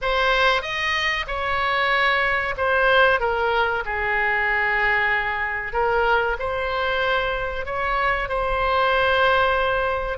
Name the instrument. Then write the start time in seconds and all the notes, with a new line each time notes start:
oboe
0.01 C5
0.62 D#5
1.27 C#5
2.57 C5
3.19 A#4
3.85 G#4
5.72 A#4
6.39 C5
7.65 C#5
8.28 C5